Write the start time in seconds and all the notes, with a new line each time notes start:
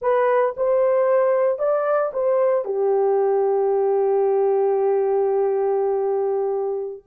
0.01 B4
0.56 C5
1.58 D5
2.13 C5
2.64 G4